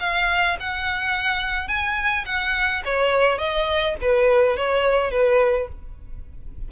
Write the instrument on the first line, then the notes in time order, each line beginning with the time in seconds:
violin
0.00 F5
0.60 F#5
1.68 G#5
2.26 F#5
2.85 C#5
3.38 D#5
4.02 B4
4.57 C#5
5.11 B4